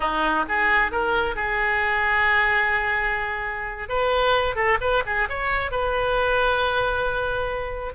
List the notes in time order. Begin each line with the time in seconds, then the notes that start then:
0.00 D#4
0.48 G#4
0.91 A#4
1.35 G#4
3.88 B4
4.55 A4
4.80 B4
5.06 G#4
5.29 C#5
5.71 B4